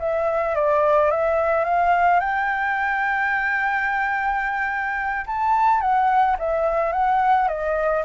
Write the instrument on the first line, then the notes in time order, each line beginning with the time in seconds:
flute
0.00 E5
0.56 D5
1.11 E5
1.65 F5
2.20 G5
5.27 A5
5.81 F#5
6.39 E5
6.93 F#5
7.48 D#5